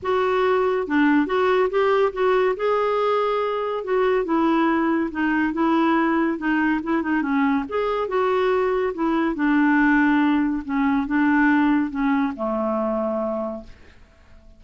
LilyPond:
\new Staff \with { instrumentName = "clarinet" } { \time 4/4 \tempo 4 = 141 fis'2 d'4 fis'4 | g'4 fis'4 gis'2~ | gis'4 fis'4 e'2 | dis'4 e'2 dis'4 |
e'8 dis'8 cis'4 gis'4 fis'4~ | fis'4 e'4 d'2~ | d'4 cis'4 d'2 | cis'4 a2. | }